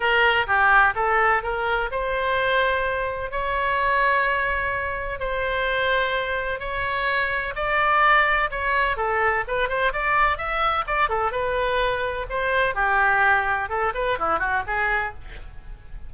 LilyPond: \new Staff \with { instrumentName = "oboe" } { \time 4/4 \tempo 4 = 127 ais'4 g'4 a'4 ais'4 | c''2. cis''4~ | cis''2. c''4~ | c''2 cis''2 |
d''2 cis''4 a'4 | b'8 c''8 d''4 e''4 d''8 a'8 | b'2 c''4 g'4~ | g'4 a'8 b'8 e'8 fis'8 gis'4 | }